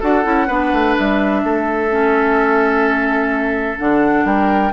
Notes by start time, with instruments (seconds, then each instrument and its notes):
0.00 bassoon D4, clarinet F#4, oboe A4, flute F#5
0.23 bassoon C#4, clarinet E4
0.47 bassoon B3, clarinet D4, oboe B4
0.73 bassoon A3
0.98 bassoon G3, flute E5
1.44 bassoon A3, oboe A4
1.90 clarinet C#4
3.78 bassoon D3, clarinet D4, flute F#5
4.25 bassoon G3, oboe A#4, flute G5